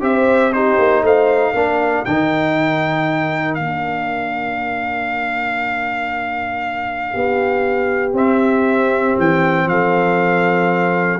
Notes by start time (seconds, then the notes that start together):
0.00 C4 G4 C5 E5
0.52 D#4 G4 C5
0.78 A#3
1.02 A3 C5 F5
1.54 A#3 D4 A#4
2.04 D#3 D#4 G5
3.54 A#3 D4 F5
7.11 B3 G4
8.13 C4 E5
9.18 E3 G5
9.66 F3 A4 F5